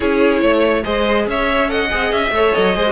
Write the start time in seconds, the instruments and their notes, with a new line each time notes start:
0.00 cello C#4, viola E4, violin G#4 C#5
0.41 cello A3, violin C#5
0.82 cello G#3, viola G#4, violin C5 D#5
1.26 cello C#4, violin C#5 E5
1.67 viola A4, violin D#5 F#5
1.90 cello C4, viola G#4
2.12 cello C#4, violin E5
2.30 cello A3, viola A4, violin C#5
2.53 cello F#3, violin D#5
2.75 cello G#3, viola G#4, violin C5
2.86 viola F#4